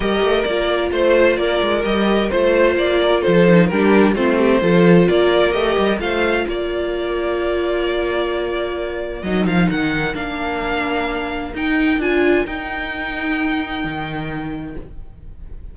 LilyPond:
<<
  \new Staff \with { instrumentName = "violin" } { \time 4/4 \tempo 4 = 130 dis''4 d''4 c''4 d''4 | dis''4 c''4 d''4 c''4 | ais'4 c''2 d''4 | dis''4 f''4 d''2~ |
d''1 | dis''8 f''8 fis''4 f''2~ | f''4 g''4 gis''4 g''4~ | g''1 | }
  \new Staff \with { instrumentName = "violin" } { \time 4/4 ais'2 c''4 ais'4~ | ais'4 c''4. ais'8 a'4 | g'4 f'8 g'8 a'4 ais'4~ | ais'4 c''4 ais'2~ |
ais'1~ | ais'1~ | ais'1~ | ais'1 | }
  \new Staff \with { instrumentName = "viola" } { \time 4/4 g'4 f'2. | g'4 f'2~ f'8 dis'8 | d'4 c'4 f'2 | g'4 f'2.~ |
f'1 | dis'2 d'2~ | d'4 dis'4 f'4 dis'4~ | dis'1 | }
  \new Staff \with { instrumentName = "cello" } { \time 4/4 g8 a8 ais4 a4 ais8 gis8 | g4 a4 ais4 f4 | g4 a4 f4 ais4 | a8 g8 a4 ais2~ |
ais1 | fis8 f8 dis4 ais2~ | ais4 dis'4 d'4 dis'4~ | dis'2 dis2 | }
>>